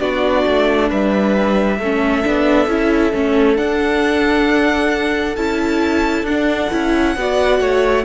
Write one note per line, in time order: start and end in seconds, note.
0.00 0.46 B3
0.00 1.80 D4
0.00 0.89 F#4
0.00 0.90 D5
0.46 0.91 A3
0.89 1.79 G3
0.89 1.79 B4
0.89 3.57 E5
1.79 2.24 A3
1.79 2.24 C#4
1.79 7.16 A4
2.24 2.67 B3
2.24 2.68 D4
2.67 3.12 C#4
2.67 3.13 E4
3.13 3.59 A3
3.13 3.56 C#4
3.56 5.35 D4
3.56 5.37 D4
3.56 5.36 F#5
5.36 6.23 C#4
5.36 6.27 E4
5.36 6.26 A5
6.23 6.68 D4
6.23 6.71 D4
6.23 8.05 F#5
6.71 7.16 C#4
6.71 7.16 E4
7.16 7.60 B3
7.16 8.05 F#4
7.16 7.61 D5
7.60 8.05 A3
7.60 8.05 C#5